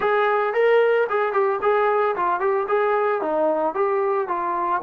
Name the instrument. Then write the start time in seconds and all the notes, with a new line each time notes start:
trombone
0.00 G#4
0.53 A#4
1.09 G#4
1.32 G4
1.62 G#4
2.16 F4
2.40 G4
2.68 G#4
3.21 D#4
3.74 G4
4.28 F4